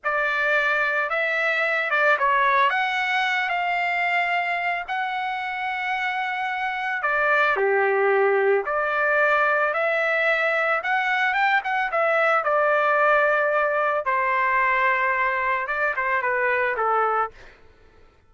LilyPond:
\new Staff \with { instrumentName = "trumpet" } { \time 4/4 \tempo 4 = 111 d''2 e''4. d''8 | cis''4 fis''4. f''4.~ | f''4 fis''2.~ | fis''4 d''4 g'2 |
d''2 e''2 | fis''4 g''8 fis''8 e''4 d''4~ | d''2 c''2~ | c''4 d''8 c''8 b'4 a'4 | }